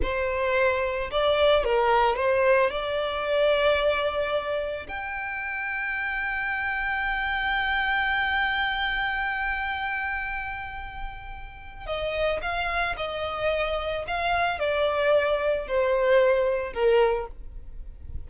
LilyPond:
\new Staff \with { instrumentName = "violin" } { \time 4/4 \tempo 4 = 111 c''2 d''4 ais'4 | c''4 d''2.~ | d''4 g''2.~ | g''1~ |
g''1~ | g''2 dis''4 f''4 | dis''2 f''4 d''4~ | d''4 c''2 ais'4 | }